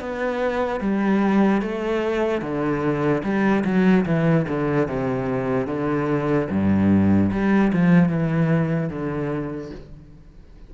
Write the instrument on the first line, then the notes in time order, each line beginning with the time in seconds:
cello
0.00 B3
0.80 G3
1.62 A3
2.41 D3
3.23 G3
3.64 F#3
4.05 E3
4.48 D3
4.88 C3
5.67 D3
6.50 G2
7.32 G3
7.73 F3
8.09 E3
8.90 D3